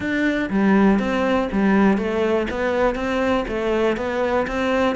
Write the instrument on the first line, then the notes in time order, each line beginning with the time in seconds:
cello
0.00 D4
0.50 G3
0.99 C4
1.52 G3
1.97 A3
2.50 B3
2.95 C4
3.47 A3
3.96 B3
4.47 C4